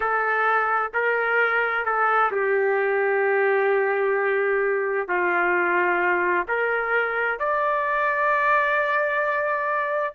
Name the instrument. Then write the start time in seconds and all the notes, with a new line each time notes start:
trumpet
0.00 A4
0.93 A#4
1.85 A4
2.31 G4
5.07 F4
6.48 A#4
7.39 D5